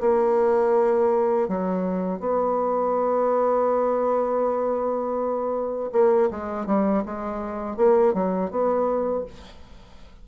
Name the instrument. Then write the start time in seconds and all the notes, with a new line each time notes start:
bassoon
0.00 A#3
1.48 F#3
2.20 B3
5.92 A#3
6.30 G#3
6.66 G3
7.05 G#3
7.76 A#3
8.13 F#3
8.50 B3